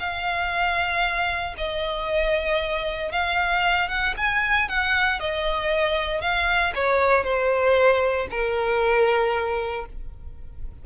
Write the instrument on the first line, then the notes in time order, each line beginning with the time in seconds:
violin
0.00 F5
1.58 D#5
3.12 F5
3.89 F#5
4.18 G#5
4.69 F#5
5.21 D#5
6.22 F5
6.76 C#5
7.24 C5
8.31 A#4